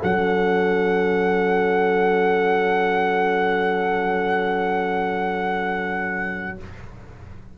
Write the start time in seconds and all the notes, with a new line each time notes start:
0.00 F#3 C#4 A4 F#5